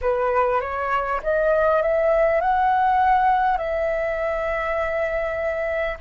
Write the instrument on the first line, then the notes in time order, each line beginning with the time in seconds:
flute
0.01 B4
0.61 C#5
1.23 D#5
1.82 E5
2.40 F#5
3.57 E5